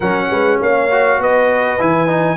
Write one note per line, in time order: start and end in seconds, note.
0.00 0.30 F#3
0.00 0.90 C#4
0.00 0.29 A#4
0.00 0.60 F#5
0.30 0.60 G#3
0.30 0.60 B4
0.61 1.18 A#3
0.61 1.20 C#5
0.61 1.22 F5
0.90 1.79 F#4
1.18 1.78 B3
1.18 2.37 B4
1.18 1.81 D#5
1.79 2.37 E3
1.79 2.07 E4
1.79 2.37 G#5
2.07 2.37 D#4